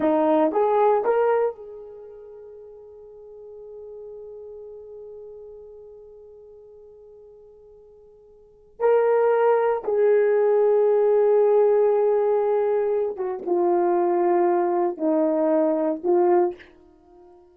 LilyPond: \new Staff \with { instrumentName = "horn" } { \time 4/4 \tempo 4 = 116 dis'4 gis'4 ais'4 gis'4~ | gis'1~ | gis'1~ | gis'1~ |
gis'4 ais'2 gis'4~ | gis'1~ | gis'4. fis'8 f'2~ | f'4 dis'2 f'4 | }